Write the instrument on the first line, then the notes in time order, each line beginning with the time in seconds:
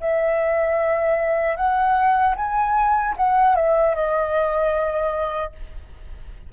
flute
0.00 E5
1.56 F#5
2.36 G#5
3.17 F#5
3.55 E5
3.95 D#5